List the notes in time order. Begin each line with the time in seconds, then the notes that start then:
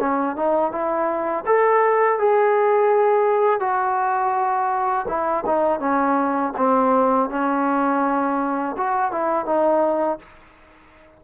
0.00 C#4
0.37 D#4
0.72 E4
1.46 A4
2.19 G#4
3.60 F#4
5.09 E4
5.46 D#4
5.80 C#4
6.58 C4
7.30 C#4
8.78 F#4
9.12 E4
9.46 D#4